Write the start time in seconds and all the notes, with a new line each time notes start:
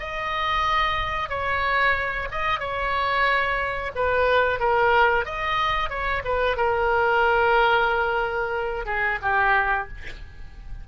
0.00 D#5
1.29 C#5
2.32 D#5
2.60 C#5
3.96 B4
4.60 A#4
5.26 D#5
5.90 C#5
6.25 B4
6.57 A#4
8.86 G#4
9.22 G4